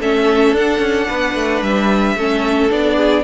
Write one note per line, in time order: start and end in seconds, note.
0.00 0.53 A3
0.00 0.56 C#4
0.00 1.08 A4
0.00 0.56 E5
0.53 0.79 D4
0.53 2.18 D4
0.53 1.63 F#5
0.79 1.06 C#4
1.08 1.35 B3
1.08 2.16 B4
1.35 1.62 A3
1.62 2.16 G3
1.62 2.71 E5
2.16 2.70 A3
2.16 2.69 C#4
2.16 2.97 A4
2.69 3.25 B3
2.69 3.24 D4
2.69 3.25 D5
2.97 3.24 G#4